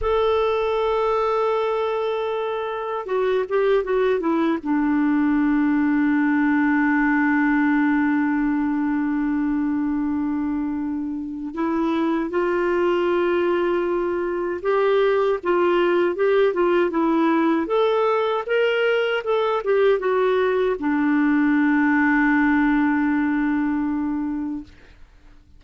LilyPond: \new Staff \with { instrumentName = "clarinet" } { \time 4/4 \tempo 4 = 78 a'1 | fis'8 g'8 fis'8 e'8 d'2~ | d'1~ | d'2. e'4 |
f'2. g'4 | f'4 g'8 f'8 e'4 a'4 | ais'4 a'8 g'8 fis'4 d'4~ | d'1 | }